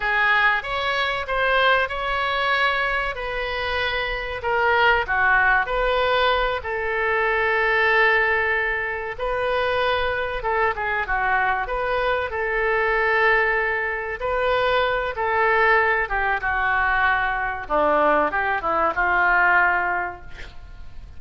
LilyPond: \new Staff \with { instrumentName = "oboe" } { \time 4/4 \tempo 4 = 95 gis'4 cis''4 c''4 cis''4~ | cis''4 b'2 ais'4 | fis'4 b'4. a'4.~ | a'2~ a'8 b'4.~ |
b'8 a'8 gis'8 fis'4 b'4 a'8~ | a'2~ a'8 b'4. | a'4. g'8 fis'2 | d'4 g'8 e'8 f'2 | }